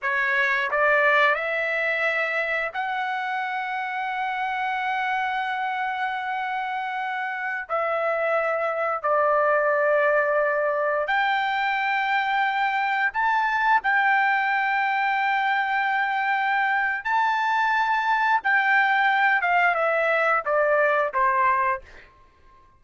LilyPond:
\new Staff \with { instrumentName = "trumpet" } { \time 4/4 \tempo 4 = 88 cis''4 d''4 e''2 | fis''1~ | fis''2.~ fis''16 e''8.~ | e''4~ e''16 d''2~ d''8.~ |
d''16 g''2. a''8.~ | a''16 g''2.~ g''8.~ | g''4 a''2 g''4~ | g''8 f''8 e''4 d''4 c''4 | }